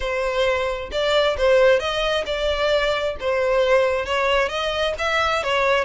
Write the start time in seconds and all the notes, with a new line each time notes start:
0.00 C5
0.91 D5
1.37 C5
1.79 D#5
2.26 D5
3.20 C5
4.05 C#5
4.48 D#5
4.98 E5
5.43 C#5